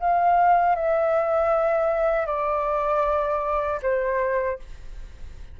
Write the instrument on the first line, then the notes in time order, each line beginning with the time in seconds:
flute
0.00 F5
0.76 E5
2.27 D5
3.82 C5